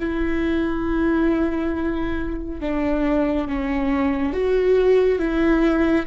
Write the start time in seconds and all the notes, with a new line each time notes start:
0.00 E4
2.61 D4
3.48 C#4
4.34 F#4
5.19 E4